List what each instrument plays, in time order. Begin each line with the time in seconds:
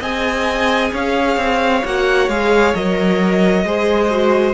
0.00 cello C4, viola G#4, violin D#5 G#5
0.92 cello C#4, violin C#5 F5
1.37 cello C4
1.85 cello A#3, viola F#4, violin F#5
2.28 cello G#3, viola G#4, violin F5
2.74 cello F#3, viola A#4, violin D#5
3.65 cello G#3, viola G#4, violin C5
4.10 viola F#4